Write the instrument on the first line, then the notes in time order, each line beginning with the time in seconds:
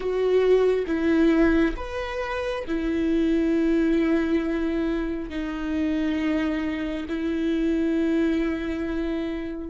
viola
0.00 F#4
0.86 E4
1.76 B4
2.67 E4
5.29 D#4
7.08 E4